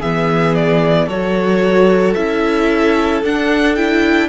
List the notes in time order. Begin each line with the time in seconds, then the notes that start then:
0.00 E3 B3 G#4 E5
0.55 D5
1.06 F#3 F#4 A4 C#5
2.14 C#4 E4 E5
3.23 D4 F#5
3.75 E4 G5